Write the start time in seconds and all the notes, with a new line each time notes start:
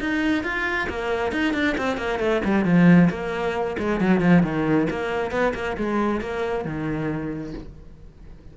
0.00 D#4
0.44 F4
0.89 A#3
1.32 D#4
1.54 D4
1.78 C4
1.97 A#3
2.19 A3
2.44 G3
2.65 F3
3.10 A#3
3.79 G#3
4.00 F#3
4.21 F3
4.43 D#3
4.90 A#3
5.31 B3
5.55 A#3
5.77 G#3
6.21 A#3
6.65 D#3